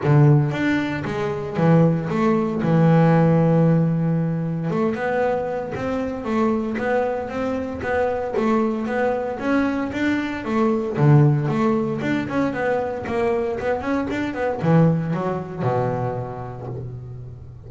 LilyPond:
\new Staff \with { instrumentName = "double bass" } { \time 4/4 \tempo 4 = 115 d4 d'4 gis4 e4 | a4 e2.~ | e4 a8 b4. c'4 | a4 b4 c'4 b4 |
a4 b4 cis'4 d'4 | a4 d4 a4 d'8 cis'8 | b4 ais4 b8 cis'8 d'8 b8 | e4 fis4 b,2 | }